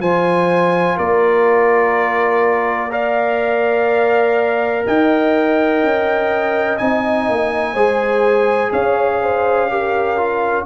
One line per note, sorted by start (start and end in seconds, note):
0.00 0.97 F3
0.00 2.90 F4
0.00 0.97 C5
0.00 0.98 G#5
0.97 4.85 A#3
0.97 2.90 A#4
0.97 2.92 D5
2.90 6.77 A#4
2.90 4.84 D5
2.90 4.86 F5
4.87 5.83 D#4
4.87 7.73 D#5
4.87 6.78 G5
5.83 6.80 C#4
6.78 7.29 C4
6.78 7.76 D#4
6.78 8.72 G#5
7.29 7.74 A#3
7.73 8.71 G#3
7.73 9.69 G#4
7.73 8.70 C5
8.72 10.66 C#4
8.72 9.20 C#5
8.72 10.66 F5
9.22 9.71 C5
9.69 10.18 G4
9.69 10.66 A#4
10.18 10.66 F4